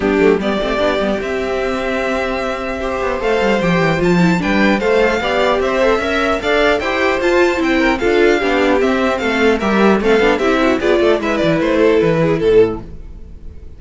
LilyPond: <<
  \new Staff \with { instrumentName = "violin" } { \time 4/4 \tempo 4 = 150 g'4 d''2 e''4~ | e''1 | f''4 g''4 a''4 g''4 | f''2 e''2 |
f''4 g''4 a''4 g''4 | f''2 e''4 f''4 | e''4 f''4 e''4 d''4 | e''8 d''8 c''4 b'4 a'4 | }
  \new Staff \with { instrumentName = "violin" } { \time 4/4 d'4 g'2.~ | g'2. c''4~ | c''2. b'4 | c''4 d''4 c''4 e''4 |
d''4 c''2~ c''8 ais'8 | a'4 g'2 a'4 | ais'4 a'4 g'8 fis'8 gis'8 a'8 | b'4. a'4 gis'8 a'4 | }
  \new Staff \with { instrumentName = "viola" } { \time 4/4 b8 a8 b8 c'8 d'8 b8 c'4~ | c'2. g'4 | a'4 g'4 f'8 e'8 d'4 | a'4 g'4. a'8 ais'4 |
a'4 g'4 f'4 e'4 | f'4 d'4 c'2 | g'4 c'8 d'8 e'4 f'4 | e'1 | }
  \new Staff \with { instrumentName = "cello" } { \time 4/4 g8 fis8 g8 a8 b8 g8 c'4~ | c'2.~ c'8 b8 | a8 g8 f8 e8 f4 g4 | a4 b4 c'4 cis'4 |
d'4 e'4 f'4 c'4 | d'4 b4 c'4 a4 | g4 a8 b8 c'4 b8 a8 | gis8 e8 a4 e4 a,4 | }
>>